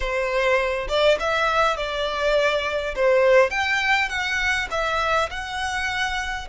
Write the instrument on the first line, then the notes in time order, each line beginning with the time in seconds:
violin
0.00 C5
0.88 D5
1.19 E5
1.76 D5
2.95 C5
3.50 G5
4.09 F#5
4.70 E5
5.30 F#5